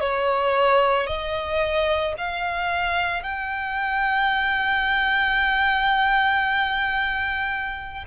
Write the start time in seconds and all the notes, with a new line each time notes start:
0.00 C#5
1.07 D#5
2.18 F5
3.23 G5